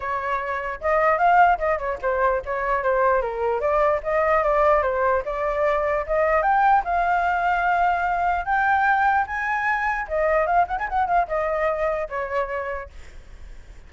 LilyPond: \new Staff \with { instrumentName = "flute" } { \time 4/4 \tempo 4 = 149 cis''2 dis''4 f''4 | dis''8 cis''8 c''4 cis''4 c''4 | ais'4 d''4 dis''4 d''4 | c''4 d''2 dis''4 |
g''4 f''2.~ | f''4 g''2 gis''4~ | gis''4 dis''4 f''8 fis''16 gis''16 fis''8 f''8 | dis''2 cis''2 | }